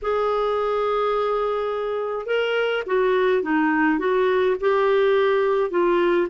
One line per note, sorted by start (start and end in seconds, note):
0.02 2.25 G#4
2.25 2.83 A#4
2.86 3.42 F#4
3.42 3.98 D#4
3.98 4.56 F#4
4.60 5.70 G4
5.70 6.27 F4